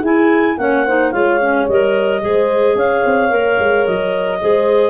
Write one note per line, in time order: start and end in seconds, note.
0.00 0.57 E4
0.00 0.58 E4
0.00 0.55 G#4
0.00 0.58 G#5
0.58 1.12 A#3
0.58 0.86 C#4
0.58 0.85 C#5
0.58 1.11 F#5
0.85 1.13 D#4
0.85 1.13 C5
1.11 1.68 G#3
1.11 1.40 F4
1.11 2.22 C#5
1.11 1.66 F5
1.40 1.68 C#4
1.68 2.23 G3
1.68 2.21 A#4
1.68 2.78 D#5
2.21 2.75 G#3
2.21 3.29 G#4
2.21 2.77 C5
2.75 3.02 C#4
2.75 4.41 C#5
2.75 3.86 F5
3.05 3.31 C4
3.29 3.58 A#3
3.29 4.39 A#4
3.59 3.86 G#3
3.86 4.42 F#3
3.86 4.90 D#5
4.41 4.90 G#3
4.41 4.90 G#4
4.41 4.90 C5